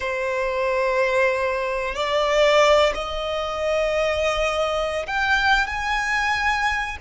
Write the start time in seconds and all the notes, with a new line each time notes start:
0.00 C5
1.94 D5
2.94 D#5
5.06 G5
5.67 G#5